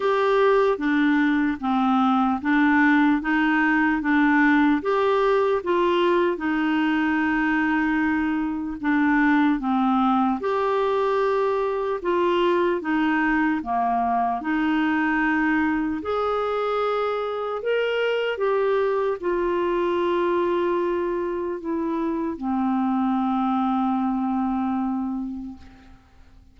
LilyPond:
\new Staff \with { instrumentName = "clarinet" } { \time 4/4 \tempo 4 = 75 g'4 d'4 c'4 d'4 | dis'4 d'4 g'4 f'4 | dis'2. d'4 | c'4 g'2 f'4 |
dis'4 ais4 dis'2 | gis'2 ais'4 g'4 | f'2. e'4 | c'1 | }